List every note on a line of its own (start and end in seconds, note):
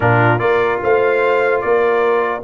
0.00 0.39 A#2
0.00 0.38 D4
0.00 0.41 F4
0.00 0.38 A#4
0.38 0.80 A#3
0.38 2.41 F4
0.38 0.81 A#4
0.38 0.79 D5
0.82 1.63 A3
0.82 1.63 C5
0.82 1.60 F5
1.60 2.43 A#3
1.60 2.43 A#4
1.60 2.42 D5